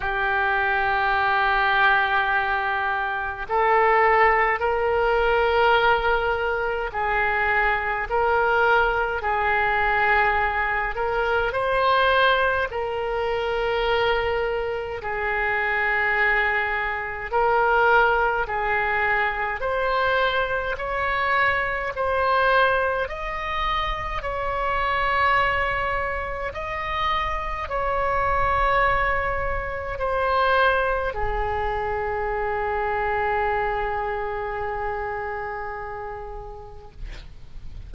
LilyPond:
\new Staff \with { instrumentName = "oboe" } { \time 4/4 \tempo 4 = 52 g'2. a'4 | ais'2 gis'4 ais'4 | gis'4. ais'8 c''4 ais'4~ | ais'4 gis'2 ais'4 |
gis'4 c''4 cis''4 c''4 | dis''4 cis''2 dis''4 | cis''2 c''4 gis'4~ | gis'1 | }